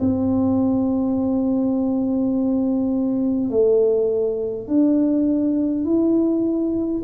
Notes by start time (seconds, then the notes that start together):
0.00 C4
3.50 A3
4.67 D4
5.84 E4